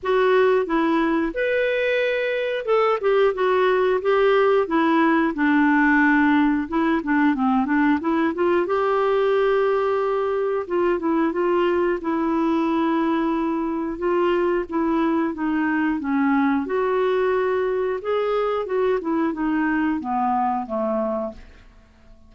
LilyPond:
\new Staff \with { instrumentName = "clarinet" } { \time 4/4 \tempo 4 = 90 fis'4 e'4 b'2 | a'8 g'8 fis'4 g'4 e'4 | d'2 e'8 d'8 c'8 d'8 | e'8 f'8 g'2. |
f'8 e'8 f'4 e'2~ | e'4 f'4 e'4 dis'4 | cis'4 fis'2 gis'4 | fis'8 e'8 dis'4 b4 a4 | }